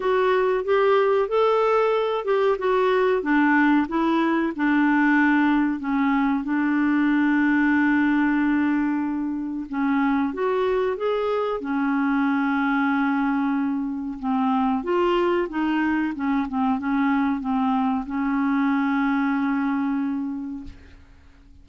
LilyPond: \new Staff \with { instrumentName = "clarinet" } { \time 4/4 \tempo 4 = 93 fis'4 g'4 a'4. g'8 | fis'4 d'4 e'4 d'4~ | d'4 cis'4 d'2~ | d'2. cis'4 |
fis'4 gis'4 cis'2~ | cis'2 c'4 f'4 | dis'4 cis'8 c'8 cis'4 c'4 | cis'1 | }